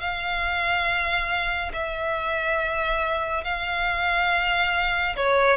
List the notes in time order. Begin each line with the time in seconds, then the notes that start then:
0.00 F5
1.73 E5
3.44 F5
5.16 C#5